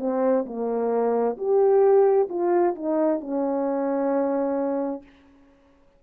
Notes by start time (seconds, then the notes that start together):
0.00 C4
0.46 A#3
1.37 G4
2.29 F4
2.75 D#4
3.21 C#4